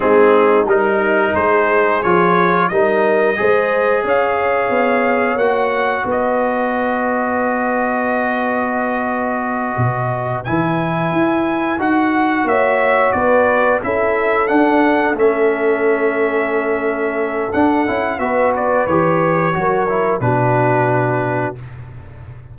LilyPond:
<<
  \new Staff \with { instrumentName = "trumpet" } { \time 4/4 \tempo 4 = 89 gis'4 ais'4 c''4 cis''4 | dis''2 f''2 | fis''4 dis''2.~ | dis''2.~ dis''8 gis''8~ |
gis''4. fis''4 e''4 d''8~ | d''8 e''4 fis''4 e''4.~ | e''2 fis''4 e''8 d''8 | cis''2 b'2 | }
  \new Staff \with { instrumentName = "horn" } { \time 4/4 dis'2 gis'2 | ais'4 c''4 cis''2~ | cis''4 b'2.~ | b'1~ |
b'2~ b'8 cis''4 b'8~ | b'8 a'2.~ a'8~ | a'2. b'4~ | b'4 ais'4 fis'2 | }
  \new Staff \with { instrumentName = "trombone" } { \time 4/4 c'4 dis'2 f'4 | dis'4 gis'2. | fis'1~ | fis'2.~ fis'8 e'8~ |
e'4. fis'2~ fis'8~ | fis'8 e'4 d'4 cis'4.~ | cis'2 d'8 e'8 fis'4 | g'4 fis'8 e'8 d'2 | }
  \new Staff \with { instrumentName = "tuba" } { \time 4/4 gis4 g4 gis4 f4 | g4 gis4 cis'4 b4 | ais4 b2.~ | b2~ b8 b,4 e8~ |
e8 e'4 dis'4 ais4 b8~ | b8 cis'4 d'4 a4.~ | a2 d'8 cis'8 b4 | e4 fis4 b,2 | }
>>